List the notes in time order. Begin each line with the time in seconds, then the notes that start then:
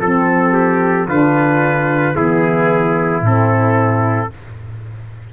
0.00 F3 C4 A4
0.54 G4
1.07 D3 D4 F4 B4
2.15 E3 B3 E4 G#4
3.21 A2 C4 A4